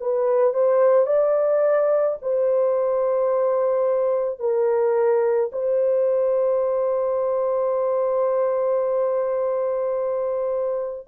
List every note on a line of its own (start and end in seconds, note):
0.00 0.54 B4
0.54 1.06 C5
1.06 2.17 D5
2.22 4.39 C5
4.39 5.51 A#4
5.52 11.08 C5